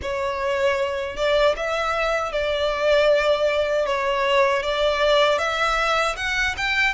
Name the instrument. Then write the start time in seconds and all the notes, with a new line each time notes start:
violin
0.01 C#5
1.16 D5
1.56 E5
2.32 D5
3.85 C#5
4.62 D5
5.38 E5
6.16 F#5
6.57 G5